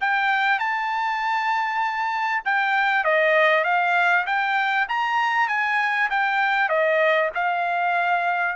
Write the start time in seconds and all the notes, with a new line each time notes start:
0.00 G5
0.58 A5
2.44 G5
3.04 D#5
3.64 F5
4.26 G5
4.88 A#5
5.48 G#5
6.09 G5
6.69 D#5
7.34 F5